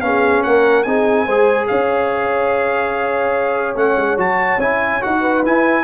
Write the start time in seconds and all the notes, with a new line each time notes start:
0.00 B3 C#4 G#4 F5
0.42 A#3 A#4 F#5
0.83 C4 D#4 G#4 G#5
1.24 G#3 G#4 C5
1.67 C#4 C#5 F5
3.75 A3 C#4 F#5
3.96 G#3
4.17 F#3 F#4 A5
4.57 C#4 E4 G#5
5.01 D#4 F#4 F#5
5.20 B4
5.45 E4 G#5